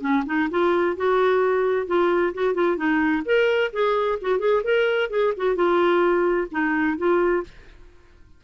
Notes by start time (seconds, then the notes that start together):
0.00 C#4
0.26 D#4
0.50 F4
0.96 F#4
1.87 F4
2.34 F#4
2.54 F4
2.76 D#4
3.25 A#4
3.72 G#4
4.21 F#4
4.39 G#4
4.63 A#4
5.10 G#4
5.37 F#4
5.55 F4
6.51 D#4
6.97 F4